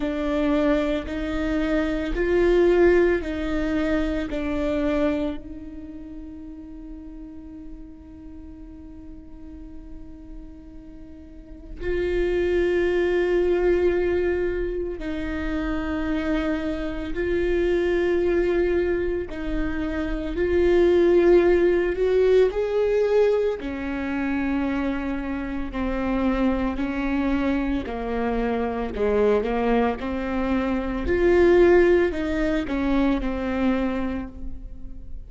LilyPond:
\new Staff \with { instrumentName = "viola" } { \time 4/4 \tempo 4 = 56 d'4 dis'4 f'4 dis'4 | d'4 dis'2.~ | dis'2. f'4~ | f'2 dis'2 |
f'2 dis'4 f'4~ | f'8 fis'8 gis'4 cis'2 | c'4 cis'4 ais4 gis8 ais8 | c'4 f'4 dis'8 cis'8 c'4 | }